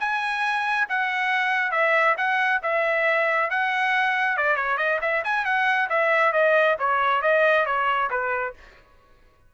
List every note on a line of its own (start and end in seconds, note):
0.00 0.88 G#5
0.89 1.72 F#5
1.72 2.16 E5
2.17 2.61 F#5
2.63 3.50 E5
3.50 4.37 F#5
4.37 4.56 D5
4.56 4.78 C#5
4.78 4.99 D#5
5.01 5.23 E5
5.24 5.45 G#5
5.45 5.89 F#5
5.90 6.33 E5
6.33 6.77 D#5
6.79 7.22 C#5
7.22 7.66 D#5
7.66 8.10 C#5
8.10 8.54 B4